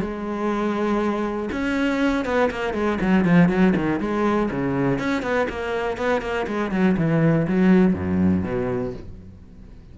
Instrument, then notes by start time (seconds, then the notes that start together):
cello
0.00 G#3
1.51 C#4
2.25 B3
2.51 A#3
2.73 G#3
3.00 F#3
3.25 F3
3.48 F#3
3.76 D#3
3.99 G#3
4.51 C#3
4.99 C#4
5.22 B3
5.49 A#3
5.97 B3
6.21 A#3
6.47 G#3
6.71 F#3
6.97 E3
7.47 F#3
7.94 F#2
8.43 B2